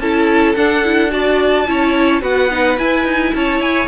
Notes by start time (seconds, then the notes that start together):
0.00 C#4 E4 A4 A5
0.56 D4 F#5
0.84 E4
1.10 F#4 D5 A5
1.67 C#4 E4 C#5
2.22 B3 F#4 B4 F#5
2.51 D#4
2.78 E4 G#5
3.05 D#4
3.35 C#4 C#5 A5
3.60 E4 G#5